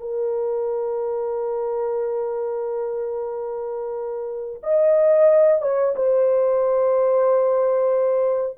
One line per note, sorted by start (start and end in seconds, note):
0.00 4.62 A#4
4.63 5.62 D#5
5.62 5.95 C#5
5.96 8.58 C5